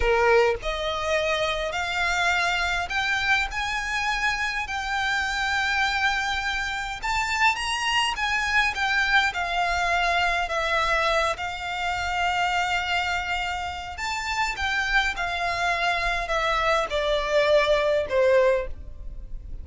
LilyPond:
\new Staff \with { instrumentName = "violin" } { \time 4/4 \tempo 4 = 103 ais'4 dis''2 f''4~ | f''4 g''4 gis''2 | g''1 | a''4 ais''4 gis''4 g''4 |
f''2 e''4. f''8~ | f''1 | a''4 g''4 f''2 | e''4 d''2 c''4 | }